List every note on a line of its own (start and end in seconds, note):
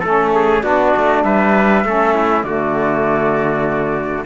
0.00 0.64 A3
0.00 0.63 C#4
0.00 0.30 A4
0.00 0.61 A4
0.35 0.64 G#4
0.63 0.94 B3
0.63 1.84 D4
0.63 1.25 F#4
0.63 1.24 D5
0.97 1.24 A3
1.24 1.85 G3
1.24 1.86 B4
1.24 2.44 E5
1.85 2.44 A3
1.85 2.44 C#4
1.85 2.15 A4
2.15 2.46 E4
2.44 4.26 D3
2.44 4.26 A3
2.44 4.27 F#4
2.44 4.26 D5